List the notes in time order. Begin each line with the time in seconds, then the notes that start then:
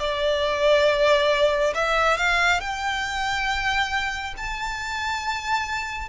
0.00 D5
1.75 E5
2.18 F5
2.61 G5
4.38 A5